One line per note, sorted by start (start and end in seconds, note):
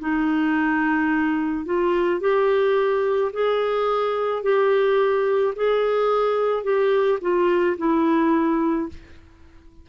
0.00 1.66 D#4
1.66 2.21 F4
2.21 3.32 G4
3.33 4.43 G#4
4.43 5.55 G4
5.56 6.64 G#4
6.64 7.19 G4
7.22 7.77 F4
7.78 8.89 E4